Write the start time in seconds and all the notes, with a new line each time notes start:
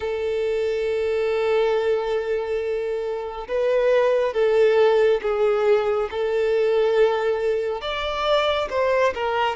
0.00 A4
3.48 B4
4.33 A4
5.22 G#4
6.10 A4
7.81 D5
8.70 C5
9.14 A#4